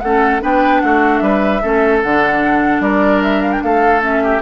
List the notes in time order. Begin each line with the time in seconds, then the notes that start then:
0.00 A3 C#4 A4 F#5
0.41 B3 D4 B4 G5
0.81 A3 F#4 F#5
1.18 G3 B4 E5
1.62 A3 C#4 A4
2.02 D3 D4 F#5
2.80 G3 A#4 D5
3.22 E5
3.42 F5
3.52 G5
3.62 A3 A4 F5
4.00 C#4 E5
4.23 G4